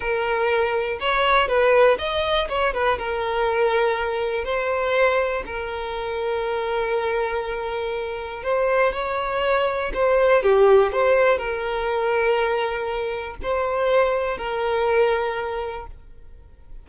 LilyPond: \new Staff \with { instrumentName = "violin" } { \time 4/4 \tempo 4 = 121 ais'2 cis''4 b'4 | dis''4 cis''8 b'8 ais'2~ | ais'4 c''2 ais'4~ | ais'1~ |
ais'4 c''4 cis''2 | c''4 g'4 c''4 ais'4~ | ais'2. c''4~ | c''4 ais'2. | }